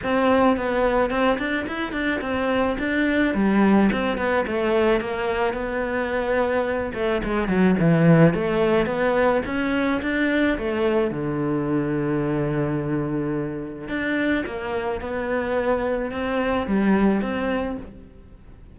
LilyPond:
\new Staff \with { instrumentName = "cello" } { \time 4/4 \tempo 4 = 108 c'4 b4 c'8 d'8 e'8 d'8 | c'4 d'4 g4 c'8 b8 | a4 ais4 b2~ | b8 a8 gis8 fis8 e4 a4 |
b4 cis'4 d'4 a4 | d1~ | d4 d'4 ais4 b4~ | b4 c'4 g4 c'4 | }